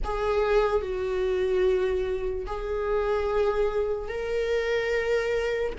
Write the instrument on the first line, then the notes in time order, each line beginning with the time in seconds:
viola
0.03 G#4
0.81 F#4
2.46 G#4
4.08 A#4